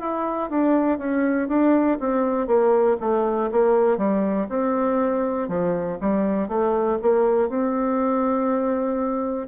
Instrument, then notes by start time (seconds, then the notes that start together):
bassoon
0.00 E4
0.50 D4
0.98 C#4
1.48 D4
2.00 C4
2.47 A#3
3.00 A3
3.52 A#3
3.97 G3
4.50 C4
5.48 F3
6.01 G3
6.49 A3
7.02 A#3
7.49 C4